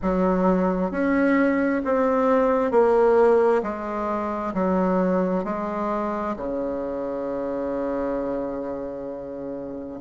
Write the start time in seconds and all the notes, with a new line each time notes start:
0.02 F#3
0.91 C#4
1.84 C4
2.71 A#3
3.62 G#3
4.54 F#3
5.44 G#3
6.36 C#3